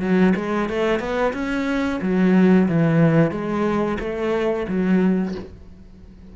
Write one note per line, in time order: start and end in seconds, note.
0.00 0.33 F#3
0.35 0.69 G#3
0.69 0.99 A3
0.99 1.33 B3
1.33 2.00 C#4
2.02 2.68 F#3
2.68 3.31 E3
3.31 3.98 G#3
4.00 4.66 A3
4.68 5.35 F#3